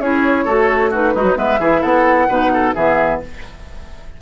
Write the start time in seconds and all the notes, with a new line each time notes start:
0.00 C#4 E4 G#4 C#5
0.45 A3 F#4 A4
0.91 D#4 F#4 B4
1.15 G#3 D#4 F#4
1.24 F#3
1.36 G#3 B3 B4 E5
1.59 E3 E4 G#4
1.81 B3 A4 F#5
2.29 B2 D#4 B4
2.54 A4
2.75 E3 B3 G#4 E5